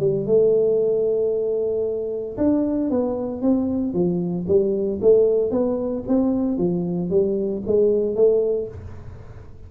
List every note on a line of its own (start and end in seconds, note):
0.00 0.26 G3
0.26 2.37 A3
2.38 2.90 D4
2.90 3.42 B3
3.42 3.93 C4
3.93 4.46 F3
4.47 5.00 G3
5.01 5.51 A3
5.51 6.04 B3
6.08 6.58 C4
6.58 7.10 F3
7.10 7.63 G3
7.67 8.15 G#3
8.15 8.68 A3